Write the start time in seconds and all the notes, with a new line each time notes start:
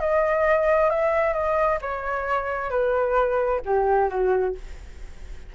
0.00 D#5
0.90 E5
1.34 D#5
1.82 C#5
2.70 B4
3.65 G4
4.10 F#4